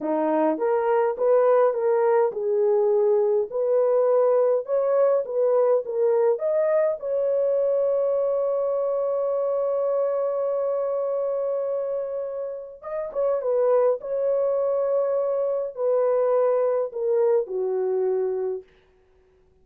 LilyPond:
\new Staff \with { instrumentName = "horn" } { \time 4/4 \tempo 4 = 103 dis'4 ais'4 b'4 ais'4 | gis'2 b'2 | cis''4 b'4 ais'4 dis''4 | cis''1~ |
cis''1~ | cis''2 dis''8 cis''8 b'4 | cis''2. b'4~ | b'4 ais'4 fis'2 | }